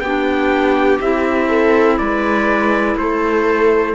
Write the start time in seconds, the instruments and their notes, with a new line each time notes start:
0.00 cello B3, clarinet D4, viola G4, trumpet G5
1.01 cello C4, clarinet E4, trumpet E5
1.48 viola A4
1.97 cello G#3, viola B4, trumpet D5
2.95 cello A3, viola A4, trumpet C5